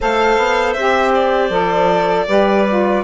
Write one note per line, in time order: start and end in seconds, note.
0.00 0.37 A3
0.00 0.76 A4
0.00 2.28 C5
0.00 0.73 F5
0.37 0.75 B3
0.73 1.49 C4
0.73 1.50 G4
0.73 1.11 E5
1.14 3.03 D5
1.49 2.25 F3
1.49 2.26 A4
2.27 3.03 G3
2.27 2.65 G4
2.27 3.03 B4
2.69 3.03 F4